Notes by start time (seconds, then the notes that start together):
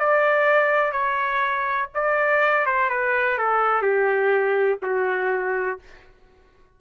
0.00 D5
0.93 C#5
1.95 D5
2.66 C5
2.90 B4
3.38 A4
3.82 G4
4.83 F#4